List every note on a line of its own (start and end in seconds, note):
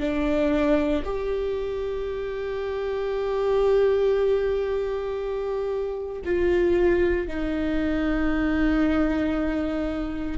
0.00 1.03 D4
1.04 6.21 G4
6.25 7.27 F4
7.27 10.38 D#4